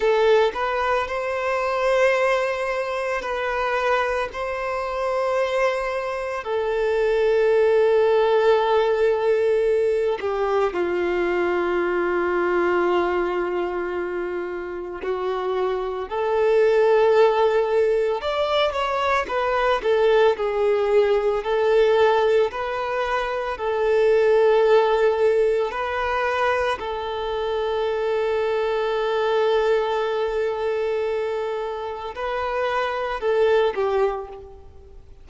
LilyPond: \new Staff \with { instrumentName = "violin" } { \time 4/4 \tempo 4 = 56 a'8 b'8 c''2 b'4 | c''2 a'2~ | a'4. g'8 f'2~ | f'2 fis'4 a'4~ |
a'4 d''8 cis''8 b'8 a'8 gis'4 | a'4 b'4 a'2 | b'4 a'2.~ | a'2 b'4 a'8 g'8 | }